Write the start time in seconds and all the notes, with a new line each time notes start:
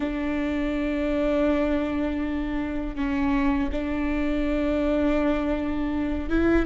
0.00 D4
2.95 C#4
3.71 D4
6.29 E4